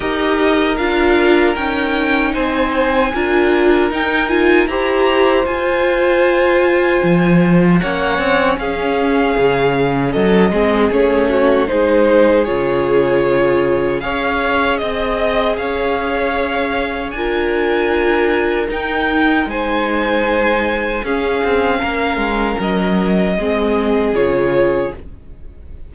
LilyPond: <<
  \new Staff \with { instrumentName = "violin" } { \time 4/4 \tempo 4 = 77 dis''4 f''4 g''4 gis''4~ | gis''4 g''8 gis''8 ais''4 gis''4~ | gis''2 fis''4 f''4~ | f''4 dis''4 cis''4 c''4 |
cis''2 f''4 dis''4 | f''2 gis''2 | g''4 gis''2 f''4~ | f''4 dis''2 cis''4 | }
  \new Staff \with { instrumentName = "violin" } { \time 4/4 ais'2. c''4 | ais'2 c''2~ | c''2 cis''4 gis'4~ | gis'4 a'8 gis'4 fis'8 gis'4~ |
gis'2 cis''4 dis''4 | cis''2 ais'2~ | ais'4 c''2 gis'4 | ais'2 gis'2 | }
  \new Staff \with { instrumentName = "viola" } { \time 4/4 g'4 f'4 dis'2 | f'4 dis'8 f'8 g'4 f'4~ | f'2 cis'2~ | cis'4. c'8 cis'4 dis'4 |
f'2 gis'2~ | gis'2 f'2 | dis'2. cis'4~ | cis'2 c'4 f'4 | }
  \new Staff \with { instrumentName = "cello" } { \time 4/4 dis'4 d'4 cis'4 c'4 | d'4 dis'4 e'4 f'4~ | f'4 f4 ais8 c'8 cis'4 | cis4 fis8 gis8 a4 gis4 |
cis2 cis'4 c'4 | cis'2 d'2 | dis'4 gis2 cis'8 c'8 | ais8 gis8 fis4 gis4 cis4 | }
>>